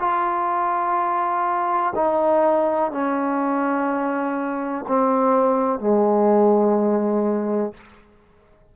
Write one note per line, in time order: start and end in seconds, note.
0.00 1.94 F4
1.96 2.91 D#4
2.91 4.85 C#4
4.88 5.80 C4
5.80 7.73 G#3